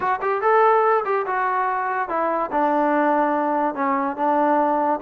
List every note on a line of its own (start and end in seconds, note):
0.00 0.20 F#4
0.21 0.41 G4
0.41 1.04 A4
1.05 1.26 G4
1.26 2.08 F#4
2.08 2.50 E4
2.51 3.74 D4
3.74 4.16 C#4
4.16 4.99 D4